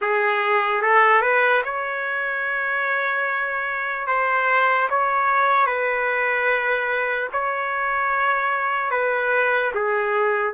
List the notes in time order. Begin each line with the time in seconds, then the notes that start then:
0.01 G#4
0.82 A4
1.21 B4
1.64 C#5
4.07 C5
4.89 C#5
5.66 B4
7.32 C#5
8.90 B4
9.74 G#4